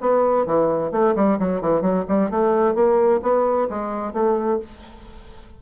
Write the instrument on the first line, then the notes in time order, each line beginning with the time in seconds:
bassoon
0.00 B3
0.46 E3
0.91 A3
1.15 G3
1.39 F#3
1.61 E3
1.81 F#3
2.08 G3
2.30 A3
2.75 A#3
3.22 B3
3.69 G#3
4.13 A3